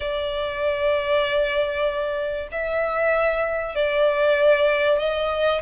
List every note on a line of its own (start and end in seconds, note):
0.00 2.48 D5
2.51 3.75 E5
3.75 4.99 D5
4.99 5.61 D#5